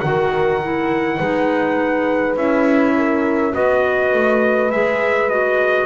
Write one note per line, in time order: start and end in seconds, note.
0.00 1.20 D#3
0.00 0.61 F#4
0.00 1.17 A#4
0.00 2.35 F#5
0.62 1.20 E4
1.17 2.36 G#3
1.17 2.37 D#4
1.17 2.94 B4
2.36 3.54 C#4
2.36 3.53 E4
2.36 3.54 E5
2.97 3.54 A#4
3.53 4.13 B3
3.53 4.70 F#4
3.53 5.86 B4
3.53 4.71 D#5
4.13 4.71 A3
4.71 5.86 G#3
4.71 5.30 G#4
4.71 5.29 E5
5.29 5.86 F#4
5.29 5.86 D#5